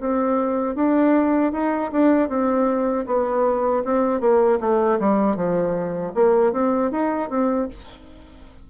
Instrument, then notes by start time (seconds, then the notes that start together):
bassoon
0.00 C4
0.76 D4
1.53 D#4
1.92 D4
2.29 C4
3.07 B3
3.85 C4
4.21 A#3
4.60 A3
5.00 G3
5.36 F3
6.14 A#3
6.53 C4
6.91 D#4
7.30 C4